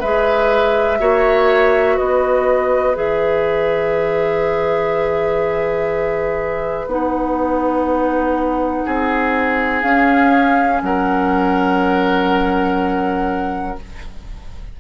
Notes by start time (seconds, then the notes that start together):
0.00 G#3 G#4 B4 E5
1.00 A#3 F#4 C#5
1.96 B3 B4 D#5
2.95 E3 G#4 E5
6.87 B3 D#4 F#5
8.86 C4 G#4
9.83 C#4 F5
10.82 F#3 A#4 F#5